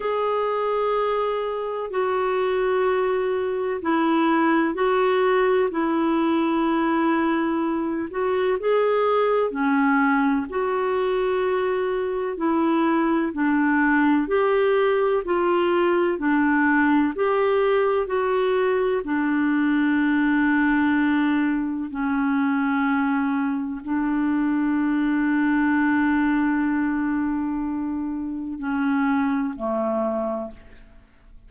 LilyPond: \new Staff \with { instrumentName = "clarinet" } { \time 4/4 \tempo 4 = 63 gis'2 fis'2 | e'4 fis'4 e'2~ | e'8 fis'8 gis'4 cis'4 fis'4~ | fis'4 e'4 d'4 g'4 |
f'4 d'4 g'4 fis'4 | d'2. cis'4~ | cis'4 d'2.~ | d'2 cis'4 a4 | }